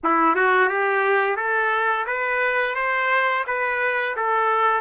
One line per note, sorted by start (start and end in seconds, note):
0.03 0.35 E4
0.35 0.68 F#4
0.68 1.36 G4
1.36 2.05 A4
2.06 2.75 B4
2.75 3.44 C5
3.46 4.15 B4
4.16 4.81 A4